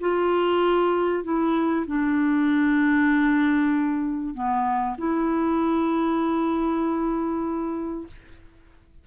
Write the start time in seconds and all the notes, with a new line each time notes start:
0.00 F4
1.24 E4
1.86 D4
4.34 B3
4.97 E4